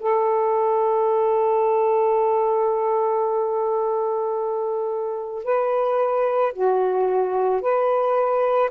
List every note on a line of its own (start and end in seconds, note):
0.00 5.44 A4
5.44 6.53 B4
6.53 7.62 F#4
7.62 8.71 B4